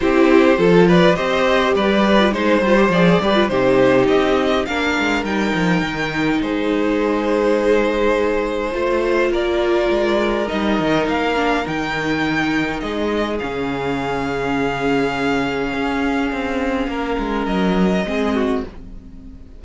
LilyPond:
<<
  \new Staff \with { instrumentName = "violin" } { \time 4/4 \tempo 4 = 103 c''4. d''8 dis''4 d''4 | c''4 d''4 c''4 dis''4 | f''4 g''2 c''4~ | c''1 |
d''2 dis''4 f''4 | g''2 dis''4 f''4~ | f''1~ | f''2 dis''2 | }
  \new Staff \with { instrumentName = "violin" } { \time 4/4 g'4 a'8 b'8 c''4 b'4 | c''4. b'8 g'2 | ais'2. gis'4~ | gis'2. c''4 |
ais'1~ | ais'2 gis'2~ | gis'1~ | gis'4 ais'2 gis'8 fis'8 | }
  \new Staff \with { instrumentName = "viola" } { \time 4/4 e'4 f'4 g'4.~ g'16 f'16 | dis'8 f'16 g'16 gis'8 g'16 f'16 dis'2 | d'4 dis'2.~ | dis'2. f'4~ |
f'2 dis'4. d'8 | dis'2. cis'4~ | cis'1~ | cis'2. c'4 | }
  \new Staff \with { instrumentName = "cello" } { \time 4/4 c'4 f4 c'4 g4 | gis8 g8 f8 g8 c4 c'4 | ais8 gis8 g8 f8 dis4 gis4~ | gis2. a4 |
ais4 gis4 g8 dis8 ais4 | dis2 gis4 cis4~ | cis2. cis'4 | c'4 ais8 gis8 fis4 gis4 | }
>>